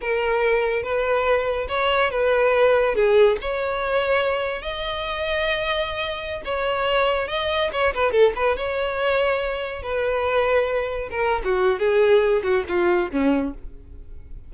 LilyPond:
\new Staff \with { instrumentName = "violin" } { \time 4/4 \tempo 4 = 142 ais'2 b'2 | cis''4 b'2 gis'4 | cis''2. dis''4~ | dis''2.~ dis''16 cis''8.~ |
cis''4~ cis''16 dis''4 cis''8 b'8 a'8 b'16~ | b'16 cis''2. b'8.~ | b'2~ b'16 ais'8. fis'4 | gis'4. fis'8 f'4 cis'4 | }